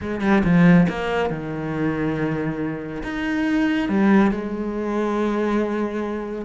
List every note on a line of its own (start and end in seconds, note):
0.01 0.21 G#3
0.21 0.43 G3
0.44 0.87 F3
0.88 1.29 A#3
1.29 3.02 D#3
3.03 3.88 D#4
3.88 4.31 G3
4.31 6.45 G#3